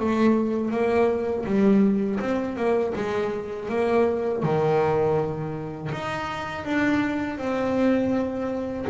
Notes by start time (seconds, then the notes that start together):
0.00 A3
0.71 A#3
1.46 G3
2.20 C4
2.57 A#3
2.96 G#3
3.69 A#3
4.43 D#3
5.93 D#4
6.65 D4
7.38 C4